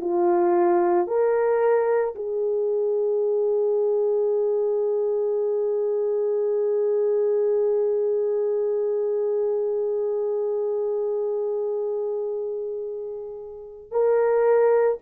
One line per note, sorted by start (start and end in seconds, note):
0.00 1.07 F4
1.07 2.14 A#4
2.15 13.90 G#4
13.90 14.98 A#4